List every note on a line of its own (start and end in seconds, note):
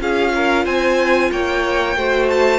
0.00 0.66 C#4
0.00 1.96 F4
0.00 0.33 G#4
0.00 0.66 F5
0.35 0.65 A#4
0.65 1.31 C4
0.65 1.30 C5
0.65 1.32 G#5
1.32 1.96 A#3
1.32 1.97 C#5
1.32 2.30 G5
1.96 2.59 A3
1.96 2.59 F#4
1.96 2.59 C5
2.30 2.59 A5